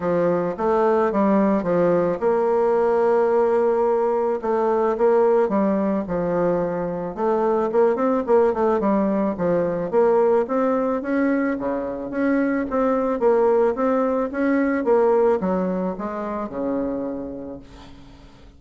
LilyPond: \new Staff \with { instrumentName = "bassoon" } { \time 4/4 \tempo 4 = 109 f4 a4 g4 f4 | ais1 | a4 ais4 g4 f4~ | f4 a4 ais8 c'8 ais8 a8 |
g4 f4 ais4 c'4 | cis'4 cis4 cis'4 c'4 | ais4 c'4 cis'4 ais4 | fis4 gis4 cis2 | }